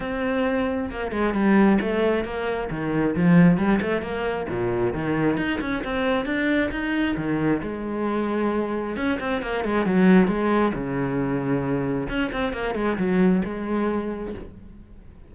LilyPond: \new Staff \with { instrumentName = "cello" } { \time 4/4 \tempo 4 = 134 c'2 ais8 gis8 g4 | a4 ais4 dis4 f4 | g8 a8 ais4 ais,4 dis4 | dis'8 cis'8 c'4 d'4 dis'4 |
dis4 gis2. | cis'8 c'8 ais8 gis8 fis4 gis4 | cis2. cis'8 c'8 | ais8 gis8 fis4 gis2 | }